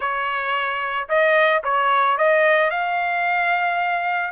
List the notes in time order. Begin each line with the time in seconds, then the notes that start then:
0.00 C#5
1.08 D#5
1.63 C#5
2.17 D#5
2.70 F5